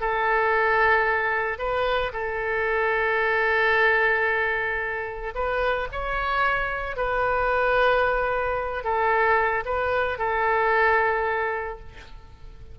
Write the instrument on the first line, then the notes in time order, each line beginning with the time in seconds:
oboe
0.00 A4
1.58 B4
2.12 A4
5.34 B4
5.92 C#5
6.96 B4
8.83 A4
9.65 B4
10.18 A4